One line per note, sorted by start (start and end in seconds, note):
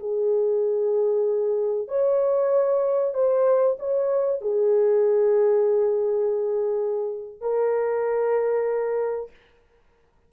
0.00 1.88 G#4
1.88 3.14 C#5
3.14 3.78 C5
3.80 4.42 C#5
4.42 7.41 G#4
7.41 9.31 A#4